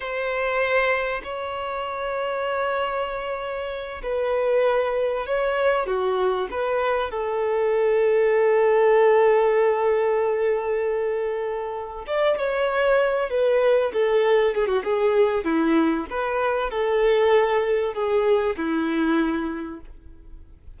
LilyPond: \new Staff \with { instrumentName = "violin" } { \time 4/4 \tempo 4 = 97 c''2 cis''2~ | cis''2~ cis''8 b'4.~ | b'8 cis''4 fis'4 b'4 a'8~ | a'1~ |
a'2.~ a'8 d''8 | cis''4. b'4 a'4 gis'16 fis'16 | gis'4 e'4 b'4 a'4~ | a'4 gis'4 e'2 | }